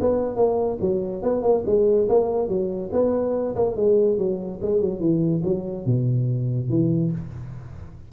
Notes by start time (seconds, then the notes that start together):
0.00 B3
0.36 A#3
0.80 F#3
1.22 B3
1.42 A#3
1.66 G#3
2.08 A#3
2.48 F#3
2.92 B3
3.55 A#3
3.76 G#3
4.18 F#3
4.61 G#3
4.81 F#3
4.99 E3
5.43 F#3
5.85 B2
6.69 E3